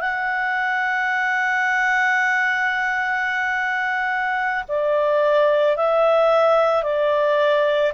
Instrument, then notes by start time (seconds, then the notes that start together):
clarinet
0.00 F#5
4.68 D5
5.77 E5
6.83 D5